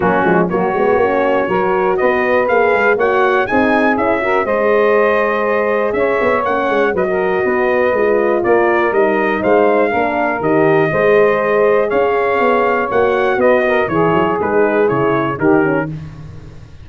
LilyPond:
<<
  \new Staff \with { instrumentName = "trumpet" } { \time 4/4 \tempo 4 = 121 fis'4 cis''2. | dis''4 f''4 fis''4 gis''4 | e''4 dis''2. | e''4 fis''4 dis''2~ |
dis''4 d''4 dis''4 f''4~ | f''4 dis''2. | f''2 fis''4 dis''4 | cis''4 b'4 cis''4 ais'4 | }
  \new Staff \with { instrumentName = "saxophone" } { \time 4/4 cis'4 fis'2 ais'4 | b'2 cis''4 gis'4~ | gis'8 ais'8 c''2. | cis''2 b'16 ais'8. b'4~ |
b'4 ais'2 c''4 | ais'2 c''2 | cis''2. b'8 ais'8 | gis'2. g'4 | }
  \new Staff \with { instrumentName = "horn" } { \time 4/4 ais8 gis8 ais8 b8 cis'4 fis'4~ | fis'4 gis'4 fis'4 dis'4 | e'8 fis'8 gis'2.~ | gis'4 cis'4 fis'2 |
f'2 dis'2 | d'4 g'4 gis'2~ | gis'2 fis'2 | e'4 dis'4 e'4 dis'8 cis'8 | }
  \new Staff \with { instrumentName = "tuba" } { \time 4/4 fis8 f8 fis8 gis8 ais4 fis4 | b4 ais8 gis8 ais4 c'4 | cis'4 gis2. | cis'8 b8 ais8 gis8 fis4 b4 |
gis4 ais4 g4 gis4 | ais4 dis4 gis2 | cis'4 b4 ais4 b4 | e8 fis8 gis4 cis4 dis4 | }
>>